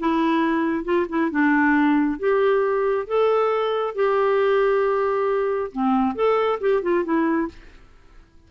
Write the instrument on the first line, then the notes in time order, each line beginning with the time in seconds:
clarinet
0.00 E4
0.85 F4
1.09 E4
1.31 D4
2.20 G4
3.07 A4
3.96 G4
5.73 C4
6.16 A4
6.61 G4
6.83 F4
7.05 E4